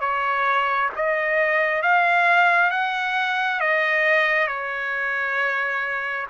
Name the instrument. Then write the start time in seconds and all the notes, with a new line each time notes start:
trumpet
0.00 C#5
0.95 D#5
1.82 F5
2.70 F#5
3.60 D#5
4.47 C#5